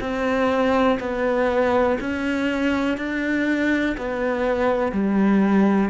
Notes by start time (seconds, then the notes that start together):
0.00 C4
0.99 B3
2.00 C#4
2.97 D4
3.97 B3
4.92 G3